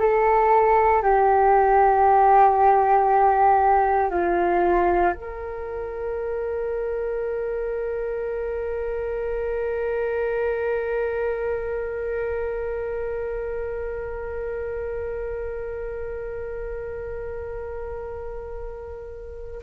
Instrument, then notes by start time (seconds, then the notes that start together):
flute
0.00 A4
1.03 G4
4.11 F4
5.14 A#4